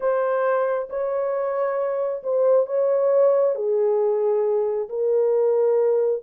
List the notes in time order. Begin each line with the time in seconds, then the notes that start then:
0.00 C5
0.89 C#5
2.23 C5
2.66 C#5
3.55 G#4
4.89 A#4